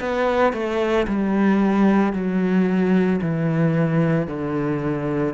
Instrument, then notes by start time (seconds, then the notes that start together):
cello
0.00 B3
0.53 A3
1.08 G3
2.13 F#3
3.21 E3
4.27 D3